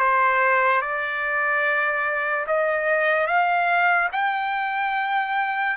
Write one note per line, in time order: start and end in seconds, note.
0.00 0.82 C5
0.82 2.47 D5
2.47 3.27 D#5
3.27 4.09 F5
4.13 5.77 G5